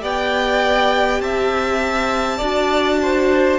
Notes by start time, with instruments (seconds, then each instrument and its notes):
0.00 cello B3, viola G4, violin D5 G5
1.20 cello C4, violin E5 A5
2.38 cello D4, viola F#4, violin D5
3.02 violin C5